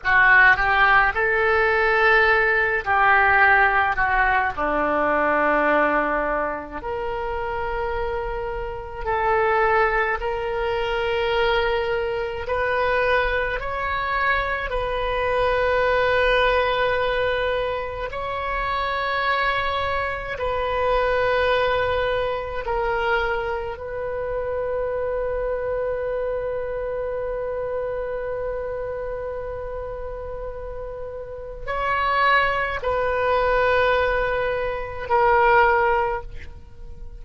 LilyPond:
\new Staff \with { instrumentName = "oboe" } { \time 4/4 \tempo 4 = 53 fis'8 g'8 a'4. g'4 fis'8 | d'2 ais'2 | a'4 ais'2 b'4 | cis''4 b'2. |
cis''2 b'2 | ais'4 b'2.~ | b'1 | cis''4 b'2 ais'4 | }